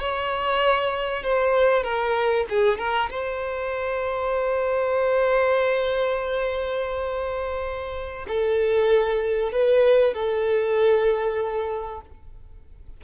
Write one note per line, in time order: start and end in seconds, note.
0.00 1.24 C#5
1.24 1.84 C5
1.84 2.46 A#4
2.50 2.78 G#4
2.78 3.10 A#4
3.11 8.26 C5
8.28 9.53 A4
9.53 10.14 B4
10.14 12.01 A4